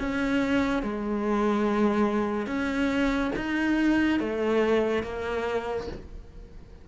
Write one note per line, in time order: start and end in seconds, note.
0.00 0.83 C#4
0.83 2.47 G#3
2.47 3.32 C#4
3.36 4.20 D#4
4.20 5.04 A3
5.04 5.88 A#3